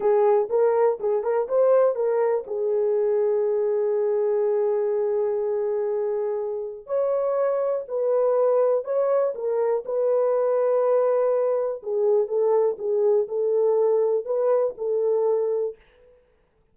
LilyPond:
\new Staff \with { instrumentName = "horn" } { \time 4/4 \tempo 4 = 122 gis'4 ais'4 gis'8 ais'8 c''4 | ais'4 gis'2.~ | gis'1~ | gis'2 cis''2 |
b'2 cis''4 ais'4 | b'1 | gis'4 a'4 gis'4 a'4~ | a'4 b'4 a'2 | }